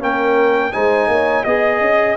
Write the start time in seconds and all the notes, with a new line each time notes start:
0.00 A#3 C#4 A#4 G5
0.73 G#3 D#4 C5 G#5
1.08 A#3 C#5
1.44 B3 G#4 D#5
1.81 C#4